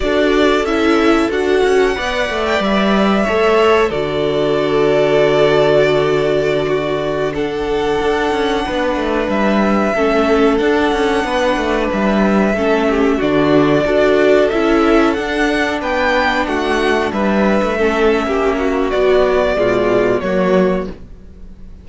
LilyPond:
<<
  \new Staff \with { instrumentName = "violin" } { \time 4/4 \tempo 4 = 92 d''4 e''4 fis''4.~ fis''16 g''16 | e''2 d''2~ | d''2.~ d''16 fis''8.~ | fis''2~ fis''16 e''4.~ e''16~ |
e''16 fis''2 e''4.~ e''16~ | e''16 d''2 e''4 fis''8.~ | fis''16 g''4 fis''4 e''4.~ e''16~ | e''4 d''2 cis''4 | }
  \new Staff \with { instrumentName = "violin" } { \time 4/4 a'2. d''4~ | d''4 cis''4 a'2~ | a'2~ a'16 fis'4 a'8.~ | a'4~ a'16 b'2 a'8.~ |
a'4~ a'16 b'2 a'8 g'16~ | g'16 fis'4 a'2~ a'8.~ | a'16 b'4 fis'4 b'4 a'8. | g'8 fis'4. f'4 fis'4 | }
  \new Staff \with { instrumentName = "viola" } { \time 4/4 fis'4 e'4 fis'4 b'4~ | b'4 a'4 fis'2~ | fis'2.~ fis'16 d'8.~ | d'2.~ d'16 cis'8.~ |
cis'16 d'2. cis'8.~ | cis'16 d'4 fis'4 e'4 d'8.~ | d'2.~ d'16 cis'8.~ | cis'4 fis4 gis4 ais4 | }
  \new Staff \with { instrumentName = "cello" } { \time 4/4 d'4 cis'4 d'8 cis'8 b8 a8 | g4 a4 d2~ | d1~ | d16 d'8 cis'8 b8 a8 g4 a8.~ |
a16 d'8 cis'8 b8 a8 g4 a8.~ | a16 d4 d'4 cis'4 d'8.~ | d'16 b4 a4 g8. a4 | ais4 b4 b,4 fis4 | }
>>